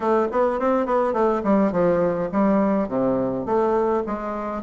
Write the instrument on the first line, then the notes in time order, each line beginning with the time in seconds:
bassoon
0.00 A3
0.31 B3
0.59 C4
0.86 B3
1.12 A3
1.43 G3
1.72 F3
2.32 G3
2.88 C3
3.45 A3
4.06 G#3